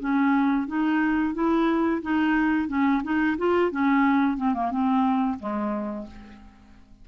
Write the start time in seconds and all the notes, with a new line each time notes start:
0.00 C#4
0.67 D#4
1.34 E4
2.02 D#4
2.68 C#4
3.03 D#4
3.38 F4
3.71 C#4
4.37 C4
4.54 A#3
4.71 C4
5.39 G#3